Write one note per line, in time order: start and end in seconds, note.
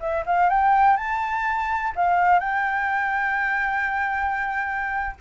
0.00 0.24 E5
0.26 0.50 F5
0.50 0.97 G5
0.97 1.93 A5
1.95 2.40 F5
2.40 5.16 G5